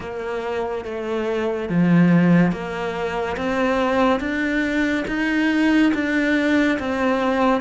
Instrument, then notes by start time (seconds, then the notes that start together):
cello
0.00 A#3
0.85 A3
1.69 F3
2.51 A#3
3.36 C4
4.20 D4
5.07 D#4
5.94 D4
6.79 C4